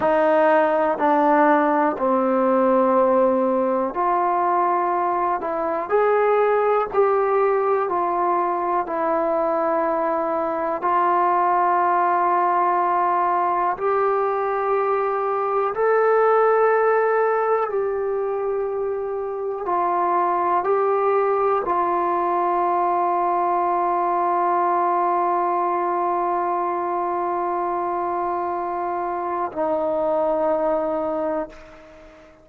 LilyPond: \new Staff \with { instrumentName = "trombone" } { \time 4/4 \tempo 4 = 61 dis'4 d'4 c'2 | f'4. e'8 gis'4 g'4 | f'4 e'2 f'4~ | f'2 g'2 |
a'2 g'2 | f'4 g'4 f'2~ | f'1~ | f'2 dis'2 | }